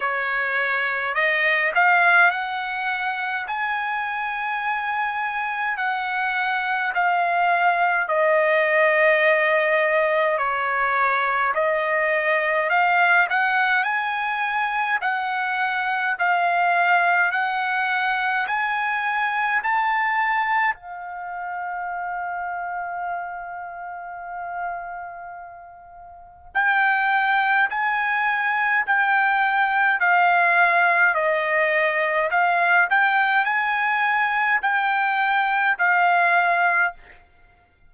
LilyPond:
\new Staff \with { instrumentName = "trumpet" } { \time 4/4 \tempo 4 = 52 cis''4 dis''8 f''8 fis''4 gis''4~ | gis''4 fis''4 f''4 dis''4~ | dis''4 cis''4 dis''4 f''8 fis''8 | gis''4 fis''4 f''4 fis''4 |
gis''4 a''4 f''2~ | f''2. g''4 | gis''4 g''4 f''4 dis''4 | f''8 g''8 gis''4 g''4 f''4 | }